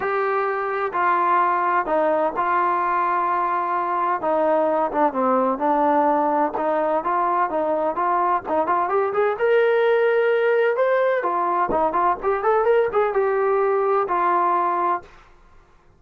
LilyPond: \new Staff \with { instrumentName = "trombone" } { \time 4/4 \tempo 4 = 128 g'2 f'2 | dis'4 f'2.~ | f'4 dis'4. d'8 c'4 | d'2 dis'4 f'4 |
dis'4 f'4 dis'8 f'8 g'8 gis'8 | ais'2. c''4 | f'4 dis'8 f'8 g'8 a'8 ais'8 gis'8 | g'2 f'2 | }